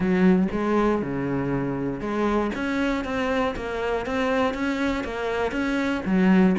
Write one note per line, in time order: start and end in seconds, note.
0.00 0.47 F#3
0.51 1.02 G#3
1.02 2.00 C#3
2.00 2.50 G#3
2.55 3.04 C#4
3.04 3.54 C4
3.56 4.06 A#3
4.06 4.54 C4
4.54 5.04 C#4
5.04 5.51 A#3
5.51 6.02 C#4
6.05 6.55 F#3